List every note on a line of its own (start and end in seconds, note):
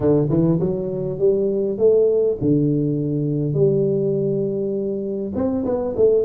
0.00 0.28 D3
0.29 0.59 E3
0.59 1.19 F#3
1.19 1.78 G3
1.78 2.37 A3
2.41 3.54 D3
3.54 5.32 G3
5.35 5.64 C4
5.65 5.95 B3
5.96 6.25 A3